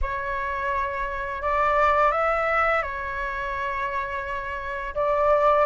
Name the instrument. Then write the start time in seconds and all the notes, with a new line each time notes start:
flute
0.01 C#5
1.41 D5
2.11 E5
2.82 C#5
4.94 D5